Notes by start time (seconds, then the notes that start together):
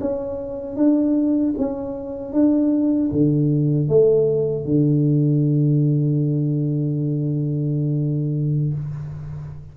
0.00 C#4
0.76 D4
1.58 C#4
2.33 D4
3.11 D3
3.88 A3
4.65 D3